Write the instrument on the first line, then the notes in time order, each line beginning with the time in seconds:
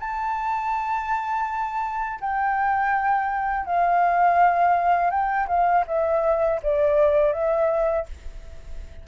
flute
0.00 A5
2.21 G5
3.66 F5
5.11 G5
5.48 F5
5.87 E5
6.63 D5
7.33 E5